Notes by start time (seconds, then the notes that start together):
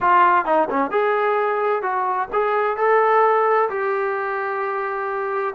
0.00 F4
0.45 D#4
0.69 C#4
0.90 G#4
1.82 F#4
2.32 G#4
2.76 A4
3.69 G4